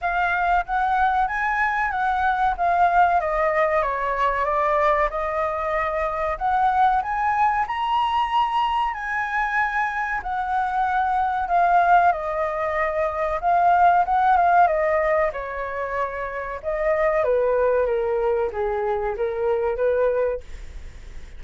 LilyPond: \new Staff \with { instrumentName = "flute" } { \time 4/4 \tempo 4 = 94 f''4 fis''4 gis''4 fis''4 | f''4 dis''4 cis''4 d''4 | dis''2 fis''4 gis''4 | ais''2 gis''2 |
fis''2 f''4 dis''4~ | dis''4 f''4 fis''8 f''8 dis''4 | cis''2 dis''4 b'4 | ais'4 gis'4 ais'4 b'4 | }